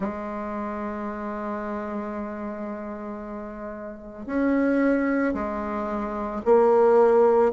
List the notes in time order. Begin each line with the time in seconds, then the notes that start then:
0.00 G#3
4.26 C#4
5.33 G#3
6.45 A#3